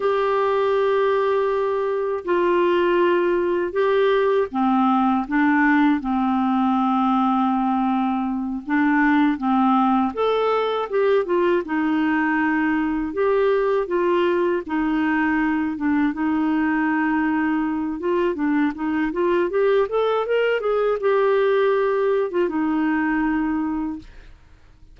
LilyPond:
\new Staff \with { instrumentName = "clarinet" } { \time 4/4 \tempo 4 = 80 g'2. f'4~ | f'4 g'4 c'4 d'4 | c'2.~ c'8 d'8~ | d'8 c'4 a'4 g'8 f'8 dis'8~ |
dis'4. g'4 f'4 dis'8~ | dis'4 d'8 dis'2~ dis'8 | f'8 d'8 dis'8 f'8 g'8 a'8 ais'8 gis'8 | g'4.~ g'16 f'16 dis'2 | }